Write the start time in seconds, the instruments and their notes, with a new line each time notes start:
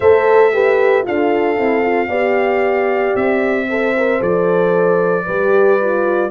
0.00 tuba A3, horn A4 C5, trumpet E5
0.53 horn G4 B4
1.03 tuba D4, horn F4 A4, trumpet F5
1.57 tuba C4, horn E4
1.82 horn F4
2.08 tuba B3, horn G4 D5
3.15 tuba C4, trumpet E5
3.68 horn A4 C5
3.97 horn A#4
4.19 tuba F3, horn A4, trumpet D5
5.25 tuba G3, horn G4 B4
5.80 horn F4